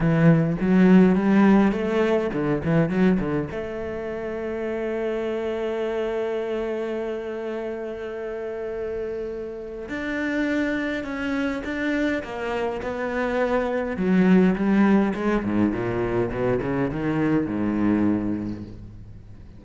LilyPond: \new Staff \with { instrumentName = "cello" } { \time 4/4 \tempo 4 = 103 e4 fis4 g4 a4 | d8 e8 fis8 d8 a2~ | a1~ | a1~ |
a4 d'2 cis'4 | d'4 ais4 b2 | fis4 g4 gis8 gis,8 ais,4 | b,8 cis8 dis4 gis,2 | }